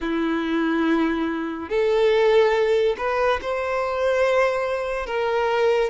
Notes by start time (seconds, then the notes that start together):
0.00 E4
1.69 A4
2.97 B4
3.41 C5
5.06 A#4